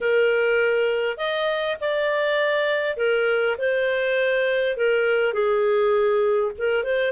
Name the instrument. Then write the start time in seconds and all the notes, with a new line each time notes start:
clarinet
0.01 A#4
1.17 D#5
1.80 D5
2.96 A#4
3.58 C5
4.76 A#4
5.33 G#4
6.58 A#4
6.83 C5